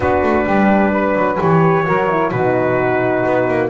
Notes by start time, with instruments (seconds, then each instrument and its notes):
0.00 double bass B3, horn D4, saxophone F#4, trumpet B4
0.22 double bass A3
0.45 double bass G3, saxophone G4
0.91 saxophone B4
1.15 double bass F#3
1.39 double bass E3, horn G4, trumpet C#5
1.84 double bass F#3, horn F#4, saxophone A#4
2.10 horn E4
2.31 double bass B2, horn D#4, saxophone F#4, trumpet B4
3.25 double bass B3
3.48 double bass A#3